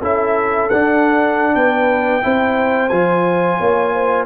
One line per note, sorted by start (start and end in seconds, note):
0.00 0.70 C#4
0.00 0.70 E4
0.00 1.53 A4
0.00 0.70 E5
0.70 1.55 D4
0.70 2.22 D4
0.70 1.55 F#5
1.55 2.23 B3
1.55 2.24 B4
1.55 2.89 G5
2.22 2.91 C4
2.22 2.90 E4
2.22 3.59 C5
2.89 3.59 F3
2.89 4.26 F4
2.89 4.26 G#5
3.59 4.26 A#3
3.59 3.93 C#5
3.93 4.26 C5